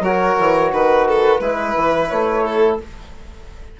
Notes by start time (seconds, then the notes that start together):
0.00 F#3 F#4 A#4 C#5
0.39 E3
0.72 D#3 B4
1.08 A4
1.39 G#3 E4 B4
1.76 E3
2.08 A3 C#5
2.45 A4